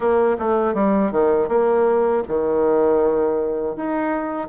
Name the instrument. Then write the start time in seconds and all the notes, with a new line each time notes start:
bassoon
0.00 A#3
0.39 A3
0.74 G3
1.11 D#3
1.48 A#3
2.27 D#3
3.76 D#4